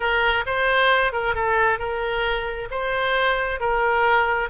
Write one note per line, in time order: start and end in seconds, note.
0.00 0.44 A#4
0.45 1.12 C5
1.12 1.34 A#4
1.34 1.78 A4
1.78 2.68 A#4
2.70 3.59 C5
3.59 4.49 A#4